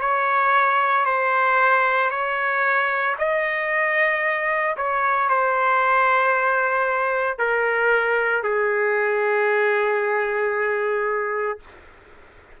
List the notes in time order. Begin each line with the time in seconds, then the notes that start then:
0.00 C#5
1.05 C5
2.10 C#5
3.18 D#5
4.77 C#5
5.29 C5
7.38 A#4
8.43 G#4